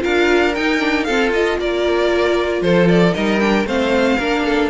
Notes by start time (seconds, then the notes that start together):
0.00 D4 F4 A#4 F5
0.55 D#4 G5
0.79 D4
1.04 C4 F4 A4 F5
1.32 F4 D#5
1.58 A#3 A#4 D5
2.61 F3 A4 C5
2.88 D5
3.13 G3 D#4 A#4 D#5
3.40 D4 G5
3.65 A3 C4 C5 F5
4.17 A#3 D4 A#4
4.45 A4